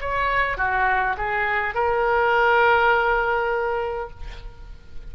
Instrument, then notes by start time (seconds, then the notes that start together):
oboe
0.00 C#5
0.57 F#4
1.17 G#4
1.74 A#4